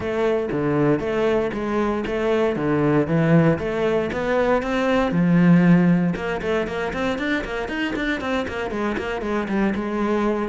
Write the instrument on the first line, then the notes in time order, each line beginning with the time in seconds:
cello
0.00 A3
0.51 D3
0.99 A3
1.53 G#3
2.06 A3
2.55 D3
3.07 E3
3.59 A3
4.12 B3
4.62 C4
5.11 F3
6.15 A#3
6.41 A3
6.67 A#3
6.93 C4
7.18 D4
7.44 A#3
7.68 D#4
7.95 D4
8.20 C4
8.47 A#3
8.70 G#3
8.97 A#3
9.21 G#3
9.48 G3
9.75 G#3